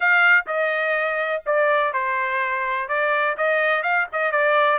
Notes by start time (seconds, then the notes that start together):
0.00 F5
0.46 D#5
1.45 D5
1.93 C5
2.88 D5
3.37 D#5
3.82 F5
4.12 D#5
4.31 D5